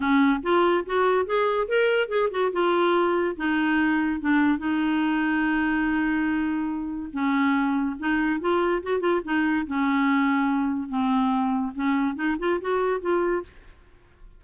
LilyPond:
\new Staff \with { instrumentName = "clarinet" } { \time 4/4 \tempo 4 = 143 cis'4 f'4 fis'4 gis'4 | ais'4 gis'8 fis'8 f'2 | dis'2 d'4 dis'4~ | dis'1~ |
dis'4 cis'2 dis'4 | f'4 fis'8 f'8 dis'4 cis'4~ | cis'2 c'2 | cis'4 dis'8 f'8 fis'4 f'4 | }